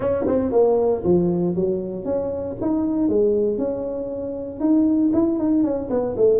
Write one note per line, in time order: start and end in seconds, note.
0.00 0.25 C#4
0.26 0.51 C4
0.51 1.03 A#3
1.03 1.55 F3
1.55 2.04 F#3
2.04 2.56 C#4
2.61 3.08 D#4
3.08 3.58 G#3
3.58 4.60 C#4
4.60 5.11 D#4
5.13 5.38 E4
5.38 5.63 D#4
5.63 5.89 C#4
5.90 6.15 B3
6.17 6.40 A3